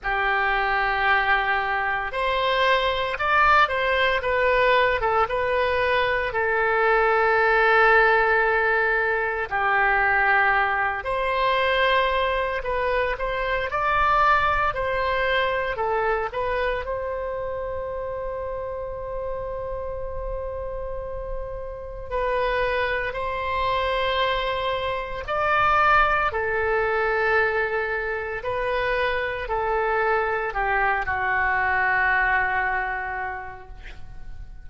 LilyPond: \new Staff \with { instrumentName = "oboe" } { \time 4/4 \tempo 4 = 57 g'2 c''4 d''8 c''8 | b'8. a'16 b'4 a'2~ | a'4 g'4. c''4. | b'8 c''8 d''4 c''4 a'8 b'8 |
c''1~ | c''4 b'4 c''2 | d''4 a'2 b'4 | a'4 g'8 fis'2~ fis'8 | }